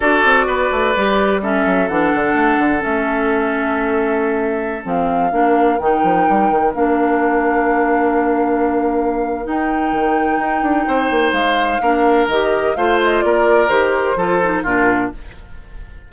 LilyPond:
<<
  \new Staff \with { instrumentName = "flute" } { \time 4/4 \tempo 4 = 127 d''2. e''4 | fis''2 e''2~ | e''2~ e''16 f''4.~ f''16~ | f''16 g''2 f''4.~ f''16~ |
f''1 | g''1 | f''2 dis''4 f''8 dis''8 | d''4 c''2 ais'4 | }
  \new Staff \with { instrumentName = "oboe" } { \time 4/4 a'4 b'2 a'4~ | a'1~ | a'2.~ a'16 ais'8.~ | ais'1~ |
ais'1~ | ais'2. c''4~ | c''4 ais'2 c''4 | ais'2 a'4 f'4 | }
  \new Staff \with { instrumentName = "clarinet" } { \time 4/4 fis'2 g'4 cis'4 | d'2 cis'2~ | cis'2~ cis'16 c'4 d'8.~ | d'16 dis'2 d'4.~ d'16~ |
d'1 | dis'1~ | dis'4 d'4 g'4 f'4~ | f'4 g'4 f'8 dis'8 d'4 | }
  \new Staff \with { instrumentName = "bassoon" } { \time 4/4 d'8 c'8 b8 a8 g4. fis8 | e8 d8 a8 d8 a2~ | a2~ a16 f4 ais8.~ | ais16 dis8 f8 g8 dis8 ais4.~ ais16~ |
ais1 | dis'4 dis4 dis'8 d'8 c'8 ais8 | gis4 ais4 dis4 a4 | ais4 dis4 f4 ais,4 | }
>>